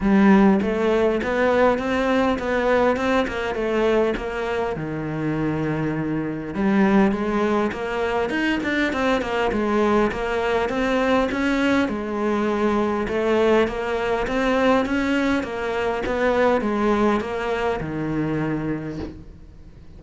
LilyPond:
\new Staff \with { instrumentName = "cello" } { \time 4/4 \tempo 4 = 101 g4 a4 b4 c'4 | b4 c'8 ais8 a4 ais4 | dis2. g4 | gis4 ais4 dis'8 d'8 c'8 ais8 |
gis4 ais4 c'4 cis'4 | gis2 a4 ais4 | c'4 cis'4 ais4 b4 | gis4 ais4 dis2 | }